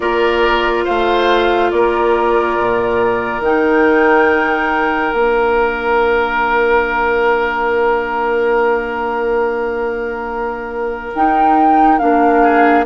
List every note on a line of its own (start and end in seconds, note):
0.00 0.85 A#3
0.00 3.42 F4
0.00 0.84 A#4
0.00 0.85 D5
0.84 1.71 A3
0.84 1.70 C5
0.84 1.71 F5
1.71 2.57 A#3
1.71 12.42 A#4
1.71 3.42 D5
2.58 3.40 A#2
3.40 5.11 D#3
3.40 5.12 D#4
3.40 5.14 G5
5.12 11.13 A#3
5.12 11.12 D4
5.12 11.14 F5
11.14 12.00 D#4
11.14 11.98 D#4
11.14 11.99 G5
11.98 12.85 A#3
11.98 12.84 D4
11.98 12.84 F5
12.42 12.85 G#4